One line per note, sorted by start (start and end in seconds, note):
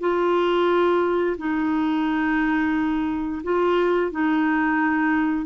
0.00 1.36 F4
1.38 3.42 D#4
3.43 4.11 F4
4.11 5.45 D#4